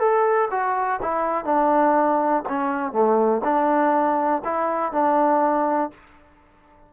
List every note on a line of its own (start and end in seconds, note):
0.00 0.49 A4
0.51 1.00 F#4
1.02 1.45 E4
1.45 2.43 D4
2.49 2.93 C#4
2.93 3.42 A3
3.44 4.43 D4
4.45 4.93 E4
4.93 5.91 D4